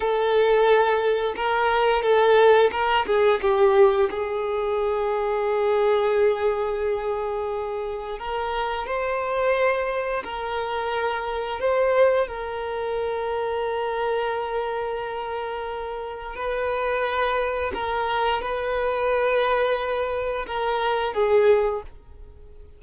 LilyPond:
\new Staff \with { instrumentName = "violin" } { \time 4/4 \tempo 4 = 88 a'2 ais'4 a'4 | ais'8 gis'8 g'4 gis'2~ | gis'1 | ais'4 c''2 ais'4~ |
ais'4 c''4 ais'2~ | ais'1 | b'2 ais'4 b'4~ | b'2 ais'4 gis'4 | }